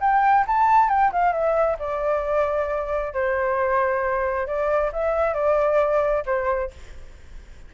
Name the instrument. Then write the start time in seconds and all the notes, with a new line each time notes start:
flute
0.00 G5
0.47 A5
0.89 G5
1.12 F5
1.32 E5
1.79 D5
3.13 C5
4.47 D5
4.92 E5
5.34 D5
6.26 C5